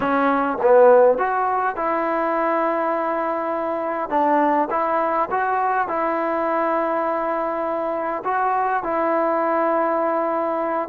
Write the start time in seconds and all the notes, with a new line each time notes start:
0.00 C#4
0.62 B3
1.18 F#4
1.76 E4
4.09 D4
4.70 E4
5.30 F#4
5.87 E4
8.24 F#4
8.83 E4